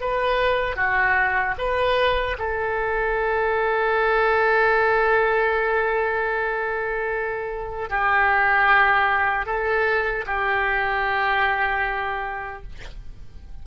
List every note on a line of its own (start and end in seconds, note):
0.00 0.76 B4
0.76 1.55 F#4
1.58 2.36 B4
2.38 7.89 A4
7.89 9.46 G4
9.46 10.25 A4
10.26 12.62 G4